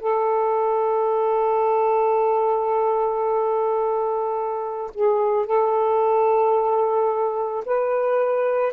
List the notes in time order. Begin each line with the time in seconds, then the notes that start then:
0.00 A4
4.94 G#4
5.46 A4
7.66 B4